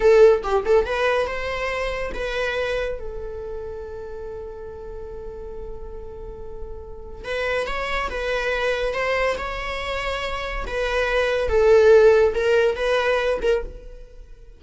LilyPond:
\new Staff \with { instrumentName = "viola" } { \time 4/4 \tempo 4 = 141 a'4 g'8 a'8 b'4 c''4~ | c''4 b'2 a'4~ | a'1~ | a'1~ |
a'4 b'4 cis''4 b'4~ | b'4 c''4 cis''2~ | cis''4 b'2 a'4~ | a'4 ais'4 b'4. ais'8 | }